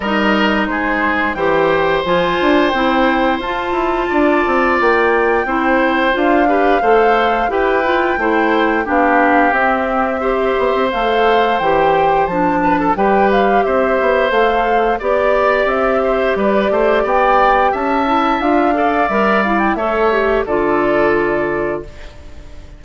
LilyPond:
<<
  \new Staff \with { instrumentName = "flute" } { \time 4/4 \tempo 4 = 88 dis''4 c''4 g''4 gis''4 | g''4 a''2 g''4~ | g''4 f''2 g''4~ | g''4 f''4 e''2 |
f''4 g''4 a''4 g''8 f''8 | e''4 f''4 d''4 e''4 | d''4 g''4 a''4 f''4 | e''8 f''16 g''16 e''4 d''2 | }
  \new Staff \with { instrumentName = "oboe" } { \time 4/4 ais'4 gis'4 c''2~ | c''2 d''2 | c''4. b'8 c''4 b'4 | c''4 g'2 c''4~ |
c''2~ c''8 b'16 a'16 b'4 | c''2 d''4. c''8 | b'8 c''8 d''4 e''4. d''8~ | d''4 cis''4 a'2 | }
  \new Staff \with { instrumentName = "clarinet" } { \time 4/4 dis'2 g'4 f'4 | e'4 f'2. | e'4 f'8 g'8 a'4 g'8 f'8 | e'4 d'4 c'4 g'4 |
a'4 g'4 d'4 g'4~ | g'4 a'4 g'2~ | g'2~ g'8 e'8 f'8 a'8 | ais'8 e'8 a'8 g'8 f'2 | }
  \new Staff \with { instrumentName = "bassoon" } { \time 4/4 g4 gis4 e4 f8 d'8 | c'4 f'8 e'8 d'8 c'8 ais4 | c'4 d'4 a4 e'4 | a4 b4 c'4. b16 c'16 |
a4 e4 f4 g4 | c'8 b8 a4 b4 c'4 | g8 a8 b4 cis'4 d'4 | g4 a4 d2 | }
>>